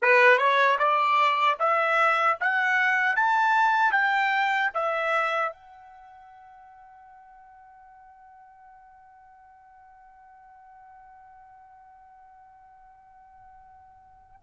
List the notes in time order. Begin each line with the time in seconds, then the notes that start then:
0.02 B4
0.38 C#5
0.78 D5
1.59 E5
2.40 F#5
3.16 A5
3.92 G5
4.74 E5
5.52 F#5